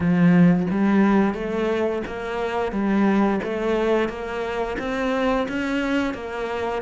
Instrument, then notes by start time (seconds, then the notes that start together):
cello
0.00 F3
0.70 G3
1.34 A3
2.06 A#3
2.71 G3
3.43 A3
4.08 A#3
4.79 C4
5.48 C#4
6.14 A#3